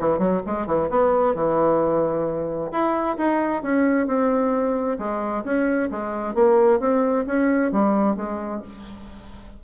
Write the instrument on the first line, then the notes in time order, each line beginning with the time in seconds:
bassoon
0.00 E3
0.19 F#3
0.47 G#3
0.67 E3
0.90 B3
1.35 E3
2.72 E4
3.18 D#4
3.63 C#4
4.08 C4
4.99 G#3
5.45 C#4
5.92 G#3
6.35 A#3
6.80 C4
7.27 C#4
7.72 G3
8.17 G#3